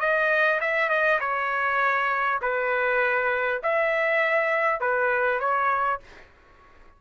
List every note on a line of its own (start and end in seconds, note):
0.00 0.60 D#5
0.61 0.89 E5
0.89 1.19 D#5
1.20 2.40 C#5
2.42 3.62 B4
3.62 4.80 E5
4.80 5.40 B4
5.40 6.00 C#5